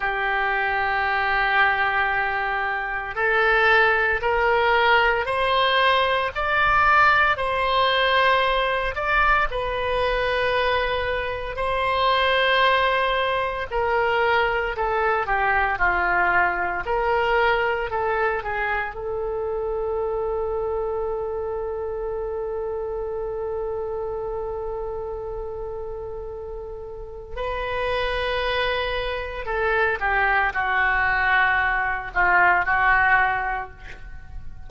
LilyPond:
\new Staff \with { instrumentName = "oboe" } { \time 4/4 \tempo 4 = 57 g'2. a'4 | ais'4 c''4 d''4 c''4~ | c''8 d''8 b'2 c''4~ | c''4 ais'4 a'8 g'8 f'4 |
ais'4 a'8 gis'8 a'2~ | a'1~ | a'2 b'2 | a'8 g'8 fis'4. f'8 fis'4 | }